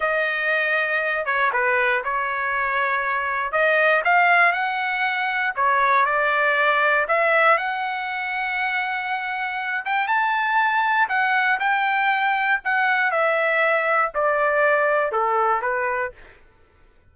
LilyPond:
\new Staff \with { instrumentName = "trumpet" } { \time 4/4 \tempo 4 = 119 dis''2~ dis''8 cis''8 b'4 | cis''2. dis''4 | f''4 fis''2 cis''4 | d''2 e''4 fis''4~ |
fis''2.~ fis''8 g''8 | a''2 fis''4 g''4~ | g''4 fis''4 e''2 | d''2 a'4 b'4 | }